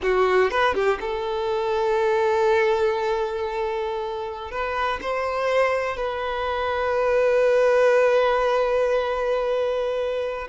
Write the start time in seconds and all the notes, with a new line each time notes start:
0.02 F#4
0.50 B4
0.74 G4
1.00 A4
4.51 B4
5.01 C5
5.96 B4